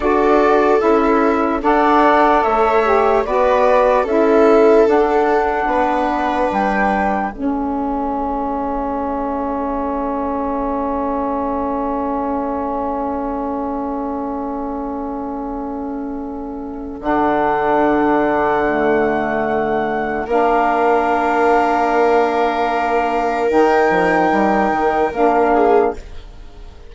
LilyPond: <<
  \new Staff \with { instrumentName = "flute" } { \time 4/4 \tempo 4 = 74 d''4 e''4 fis''4 e''4 | d''4 e''4 fis''2 | g''4 e''2.~ | e''1~ |
e''1~ | e''4 fis''2.~ | fis''4 f''2.~ | f''4 g''2 f''4 | }
  \new Staff \with { instrumentName = "viola" } { \time 4/4 a'2 d''4 cis''4 | b'4 a'2 b'4~ | b'4 a'2.~ | a'1~ |
a'1~ | a'1~ | a'4 ais'2.~ | ais'2.~ ais'8 gis'8 | }
  \new Staff \with { instrumentName = "saxophone" } { \time 4/4 fis'4 e'4 a'4. g'8 | fis'4 e'4 d'2~ | d'4 cis'2.~ | cis'1~ |
cis'1~ | cis'4 d'2 a4~ | a4 d'2.~ | d'4 dis'2 d'4 | }
  \new Staff \with { instrumentName = "bassoon" } { \time 4/4 d'4 cis'4 d'4 a4 | b4 cis'4 d'4 b4 | g4 a2.~ | a1~ |
a1~ | a4 d2.~ | d4 ais2.~ | ais4 dis8 f8 g8 dis8 ais4 | }
>>